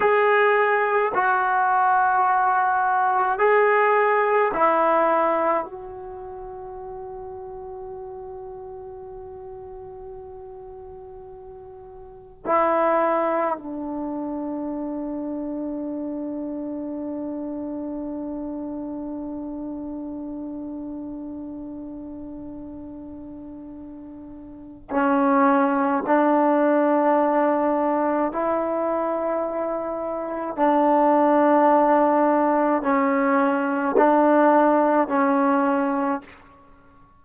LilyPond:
\new Staff \with { instrumentName = "trombone" } { \time 4/4 \tempo 4 = 53 gis'4 fis'2 gis'4 | e'4 fis'2.~ | fis'2. e'4 | d'1~ |
d'1~ | d'2 cis'4 d'4~ | d'4 e'2 d'4~ | d'4 cis'4 d'4 cis'4 | }